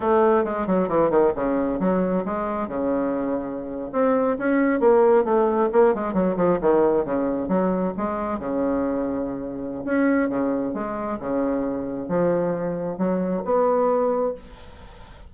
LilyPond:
\new Staff \with { instrumentName = "bassoon" } { \time 4/4 \tempo 4 = 134 a4 gis8 fis8 e8 dis8 cis4 | fis4 gis4 cis2~ | cis8. c'4 cis'4 ais4 a16~ | a8. ais8 gis8 fis8 f8 dis4 cis16~ |
cis8. fis4 gis4 cis4~ cis16~ | cis2 cis'4 cis4 | gis4 cis2 f4~ | f4 fis4 b2 | }